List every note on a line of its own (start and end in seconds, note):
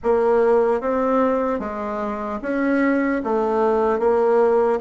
0.03 0.80 A#3
0.80 1.59 C4
1.59 2.39 G#3
2.41 3.21 C#4
3.24 3.99 A3
3.99 4.79 A#3